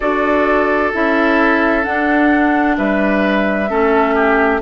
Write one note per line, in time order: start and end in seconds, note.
0.00 0.93 D4
0.00 0.93 F#4
0.00 2.76 A4
0.00 0.92 D5
0.93 1.85 C#4
0.93 1.83 E4
0.93 1.83 E5
1.83 3.67 D4
1.83 2.77 D4
1.83 2.76 F#5
2.77 3.70 G3
2.77 3.69 B4
2.77 4.62 E5
3.69 4.62 A3
3.69 4.61 C#4
3.69 4.14 A4
4.14 4.61 G4